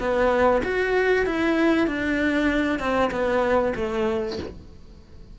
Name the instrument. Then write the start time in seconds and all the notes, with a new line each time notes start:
cello
0.00 B3
0.64 F#4
1.26 E4
1.88 D4
2.80 C4
3.12 B3
3.76 A3